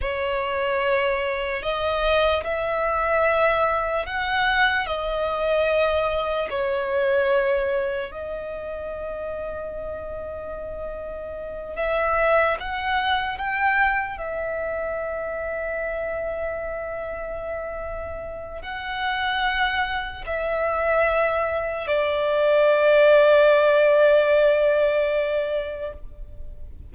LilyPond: \new Staff \with { instrumentName = "violin" } { \time 4/4 \tempo 4 = 74 cis''2 dis''4 e''4~ | e''4 fis''4 dis''2 | cis''2 dis''2~ | dis''2~ dis''8 e''4 fis''8~ |
fis''8 g''4 e''2~ e''8~ | e''2. fis''4~ | fis''4 e''2 d''4~ | d''1 | }